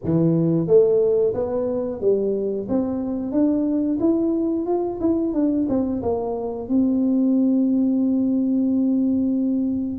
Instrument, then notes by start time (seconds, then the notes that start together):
tuba
0.04 E3
0.67 A3
1.34 B3
2.00 G3
2.68 C4
3.32 D4
3.99 E4
4.66 F4
5.00 E4
5.33 D4
5.68 C4
6.02 A#3
6.68 C4